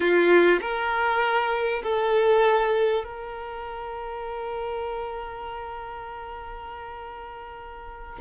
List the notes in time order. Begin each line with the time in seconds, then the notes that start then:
0.00 F4
0.61 A#4
1.83 A4
3.04 A#4